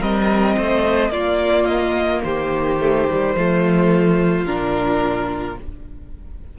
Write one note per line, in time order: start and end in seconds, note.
0.00 0.56 G3
0.00 1.11 C4
0.00 0.56 A#4
0.00 1.12 D#5
0.58 1.10 A3
0.58 1.12 C5
1.10 2.22 A#3
1.10 2.81 A#3
1.10 2.23 F4
1.10 1.66 D5
1.66 2.21 D#5
2.23 3.35 D#3
2.23 3.36 G4
2.23 4.45 C5
2.81 3.08 A3
3.10 3.37 G3
3.35 4.46 F3
3.35 4.47 A3
3.35 5.59 F4
4.46 5.57 A#2
4.46 5.58 D4
4.46 5.58 A#4